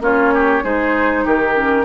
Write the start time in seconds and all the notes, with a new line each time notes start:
0.00 A#3 C#4 F4 C#5
0.34 G4
0.63 G#3 D#4 G#4 C5
1.24 D#3 G4 A#4
1.54 C#4